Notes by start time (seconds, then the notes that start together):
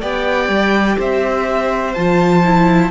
0.00 B3 G4 D5 G5
0.48 G3
0.97 C4 C5 E5
1.94 F3 F4 A5
2.44 E4